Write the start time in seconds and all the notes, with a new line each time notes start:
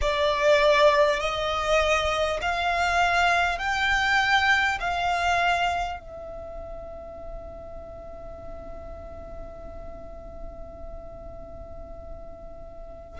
0.01 D5
1.19 D#5
2.41 F5
3.58 G5
4.80 F5
5.99 E5